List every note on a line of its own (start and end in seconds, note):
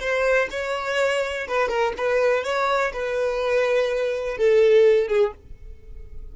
0.00 0.48 C5
0.51 1.47 C#5
1.48 1.68 B4
1.68 1.93 A#4
1.97 2.43 B4
2.43 2.92 C#5
2.93 4.37 B4
4.37 5.08 A4
5.08 5.32 G#4